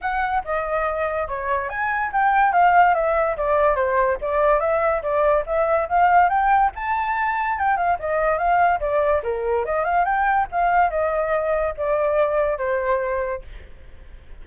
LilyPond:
\new Staff \with { instrumentName = "flute" } { \time 4/4 \tempo 4 = 143 fis''4 dis''2 cis''4 | gis''4 g''4 f''4 e''4 | d''4 c''4 d''4 e''4 | d''4 e''4 f''4 g''4 |
a''2 g''8 f''8 dis''4 | f''4 d''4 ais'4 dis''8 f''8 | g''4 f''4 dis''2 | d''2 c''2 | }